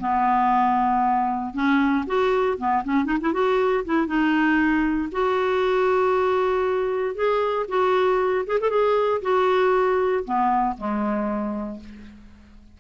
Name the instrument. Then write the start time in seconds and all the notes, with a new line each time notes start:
clarinet
0.00 B3
1.54 C#4
2.07 F#4
2.58 B3
2.84 C#4
3.05 D#4
3.21 E4
3.33 F#4
3.85 E4
4.07 D#4
5.12 F#4
7.15 G#4
7.68 F#4
8.46 G#4
8.61 A4
8.70 G#4
9.22 F#4
10.24 B3
10.77 G#3